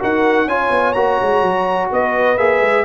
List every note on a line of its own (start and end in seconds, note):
0.00 0.45 D#4
0.00 0.48 F#4
0.00 0.48 A#4
0.00 0.49 F#5
0.45 0.69 C#4
0.45 0.96 F4
0.45 1.91 C#5
0.45 0.93 G#5
0.70 0.94 B3
0.93 1.19 A#3
0.93 2.38 F#4
0.93 1.88 A#5
1.21 1.42 G#3
1.42 1.90 F#3
1.92 2.38 B3
1.92 2.85 B4
1.92 2.38 D#5
2.38 2.61 A#3
2.38 2.85 G#4
2.38 2.85 E5
2.61 2.85 G#3